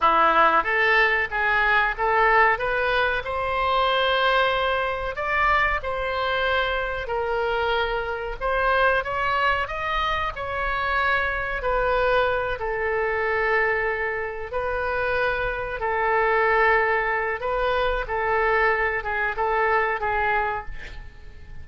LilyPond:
\new Staff \with { instrumentName = "oboe" } { \time 4/4 \tempo 4 = 93 e'4 a'4 gis'4 a'4 | b'4 c''2. | d''4 c''2 ais'4~ | ais'4 c''4 cis''4 dis''4 |
cis''2 b'4. a'8~ | a'2~ a'8 b'4.~ | b'8 a'2~ a'8 b'4 | a'4. gis'8 a'4 gis'4 | }